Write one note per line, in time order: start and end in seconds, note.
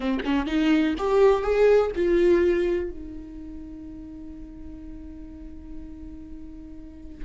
0.00 0.20 C4
0.25 0.46 C#4
0.46 0.94 D#4
0.97 1.43 G4
1.43 1.91 G#4
1.95 2.90 F4
2.90 7.24 D#4